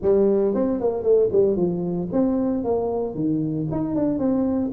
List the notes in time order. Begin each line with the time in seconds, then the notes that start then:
0.01 G3
0.54 C4
0.80 A#3
1.02 A3
1.32 G3
1.56 F3
2.12 C4
2.64 A#3
3.14 D#3
3.71 D#4
3.95 D4
4.18 C4